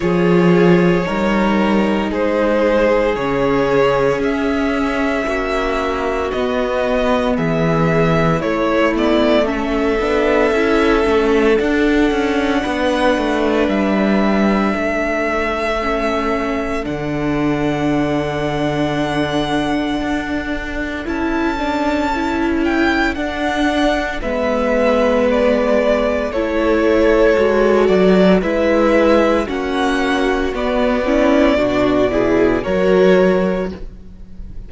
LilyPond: <<
  \new Staff \with { instrumentName = "violin" } { \time 4/4 \tempo 4 = 57 cis''2 c''4 cis''4 | e''2 dis''4 e''4 | cis''8 d''8 e''2 fis''4~ | fis''4 e''2. |
fis''1 | a''4. g''8 fis''4 e''4 | d''4 cis''4. d''8 e''4 | fis''4 d''2 cis''4 | }
  \new Staff \with { instrumentName = "violin" } { \time 4/4 gis'4 ais'4 gis'2~ | gis'4 fis'2 gis'4 | e'4 a'2. | b'2 a'2~ |
a'1~ | a'2. b'4~ | b'4 a'2 b'4 | fis'4. e'8 fis'8 gis'8 ais'4 | }
  \new Staff \with { instrumentName = "viola" } { \time 4/4 f'4 dis'2 cis'4~ | cis'2 b2 | a8 b8 cis'8 d'8 e'8 cis'8 d'4~ | d'2. cis'4 |
d'1 | e'8 d'8 e'4 d'4 b4~ | b4 e'4 fis'4 e'4 | cis'4 b8 cis'8 d'8 e'8 fis'4 | }
  \new Staff \with { instrumentName = "cello" } { \time 4/4 f4 g4 gis4 cis4 | cis'4 ais4 b4 e4 | a4. b8 cis'8 a8 d'8 cis'8 | b8 a8 g4 a2 |
d2. d'4 | cis'2 d'4 gis4~ | gis4 a4 gis8 fis8 gis4 | ais4 b4 b,4 fis4 | }
>>